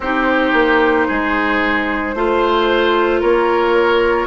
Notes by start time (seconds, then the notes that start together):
0.00 C4 D#4 G4 C5
0.52 A#3
1.07 G#3 G#4
2.14 A3 F4 C5
3.20 A#3 A#4 C#5